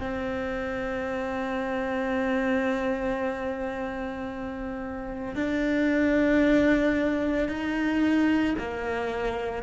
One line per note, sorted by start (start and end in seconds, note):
0.00 5.35 C4
5.35 7.48 D4
7.48 8.55 D#4
8.59 9.63 A#3